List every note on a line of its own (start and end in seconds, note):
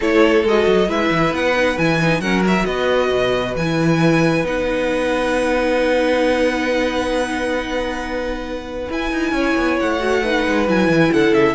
0.00 0.43 A3
0.00 0.46 E4
0.00 0.87 A4
0.00 0.46 C#5
0.43 0.65 G#3
0.43 0.88 F#4
0.43 0.91 D#5
0.66 0.87 F#3
0.87 1.09 G#3
0.87 1.54 E4
0.87 2.21 B4
0.87 1.34 E5
1.10 1.31 E3
1.31 1.76 B3
1.31 1.77 F#5
1.55 1.77 D#4
1.77 2.20 E3
1.77 1.99 E4
1.77 2.20 G#5
2.00 2.22 D#4
2.20 2.64 F#3
2.20 2.44 C#4
2.20 2.66 A#4
2.20 2.43 F#5
2.45 3.56 F#4
2.45 2.65 E5
2.65 3.10 B3
2.65 9.33 B4
2.65 3.54 D#5
3.10 3.55 B2
3.56 4.44 E3
3.56 4.43 E4
3.56 4.45 G#5
4.43 8.88 B3
4.43 8.88 D#4
4.43 8.91 F#5
8.89 9.99 E4
8.89 9.11 E4
8.89 9.79 G#5
9.11 9.31 D#4
9.31 9.53 C#4
9.31 10.22 C#5
9.56 9.78 B3
9.79 10.47 A3
9.79 10.68 F#5
9.99 10.22 F#4
10.22 10.67 D#4
10.22 11.11 B4
10.47 10.67 G#3
10.67 10.88 F#3
10.67 11.55 E4
10.67 11.13 G#5
10.88 11.10 E3
11.12 11.31 D3
11.12 11.55 A4
11.12 11.33 F#5
11.31 11.53 C#3
11.31 11.55 E5